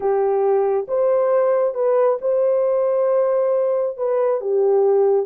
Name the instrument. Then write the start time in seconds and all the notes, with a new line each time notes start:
horn
0.00 G4
0.87 C5
1.74 B4
2.21 C5
3.97 B4
4.40 G4